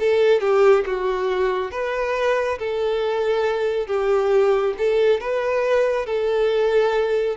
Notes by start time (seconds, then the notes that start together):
0.00 A4
0.41 G4
0.86 F#4
1.72 B4
2.59 A4
3.87 G4
4.78 A4
5.21 B4
6.06 A4